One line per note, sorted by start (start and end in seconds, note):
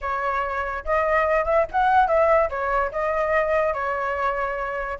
0.01 0.84 C#5
0.84 1.44 D#5
1.44 1.65 E5
1.71 2.07 F#5
2.07 2.49 E5
2.49 2.91 C#5
2.91 3.73 D#5
3.73 4.98 C#5